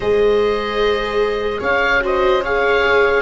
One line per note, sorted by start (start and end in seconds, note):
0.00 1.61 G#3
0.00 1.99 G#4
0.00 1.59 C5
0.00 1.61 D#5
1.59 3.22 C#4
1.59 2.00 C#5
1.59 2.03 F5
1.99 2.40 F#4
1.99 2.43 C5
1.99 2.44 D#5
2.43 3.22 G#4
2.43 3.22 C#5
2.43 3.22 F5